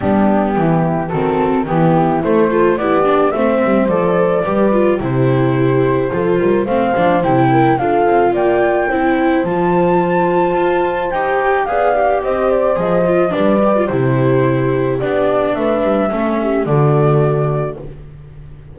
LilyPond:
<<
  \new Staff \with { instrumentName = "flute" } { \time 4/4 \tempo 4 = 108 g'2 a'4 g'4 | c''4 d''4 e''4 d''4~ | d''4 c''2. | f''4 g''4 f''4 g''4~ |
g''4 a''2. | g''4 f''4 dis''8 d''8 dis''4 | d''4 c''2 d''4 | e''2 d''2 | }
  \new Staff \with { instrumentName = "horn" } { \time 4/4 d'4 e'4 fis'4 e'4~ | e'8 a'8 g'4 c''2 | b'4 g'2 a'8 ais'8 | c''4. ais'8 a'4 d''4 |
c''1~ | c''4 d''4 c''2 | b'4 g'2. | b'4 a'8 g'8 fis'2 | }
  \new Staff \with { instrumentName = "viola" } { \time 4/4 b2 c'4 b4 | a8 f'8 e'8 d'8 c'4 a'4 | g'8 f'8 e'2 f'4 | c'8 d'8 e'4 f'2 |
e'4 f'2. | g'4 gis'8 g'4. gis'8 f'8 | d'8 g'16 f'16 e'2 d'4~ | d'4 cis'4 a2 | }
  \new Staff \with { instrumentName = "double bass" } { \time 4/4 g4 e4 dis4 e4 | a4 b4 a8 g8 f4 | g4 c2 f8 g8 | a8 f8 c4 d'8 c'8 ais4 |
c'4 f2 f'4 | dis'4 b4 c'4 f4 | g4 c2 b4 | a8 g8 a4 d2 | }
>>